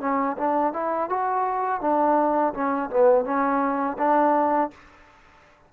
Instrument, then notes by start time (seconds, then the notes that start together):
trombone
0.00 C#4
0.37 D4
0.73 E4
1.09 F#4
1.81 D4
2.53 C#4
2.89 B3
3.24 C#4
3.98 D4